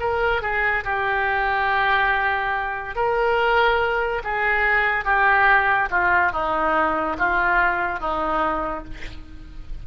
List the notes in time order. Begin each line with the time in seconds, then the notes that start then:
0.00 A#4
0.42 G#4
0.84 G4
2.95 A#4
4.24 G#4
5.05 G4
5.90 F4
6.32 D#4
7.19 F4
8.00 D#4